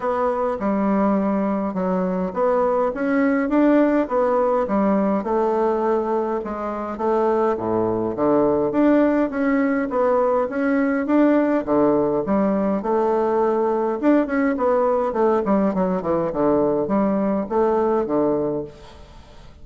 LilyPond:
\new Staff \with { instrumentName = "bassoon" } { \time 4/4 \tempo 4 = 103 b4 g2 fis4 | b4 cis'4 d'4 b4 | g4 a2 gis4 | a4 a,4 d4 d'4 |
cis'4 b4 cis'4 d'4 | d4 g4 a2 | d'8 cis'8 b4 a8 g8 fis8 e8 | d4 g4 a4 d4 | }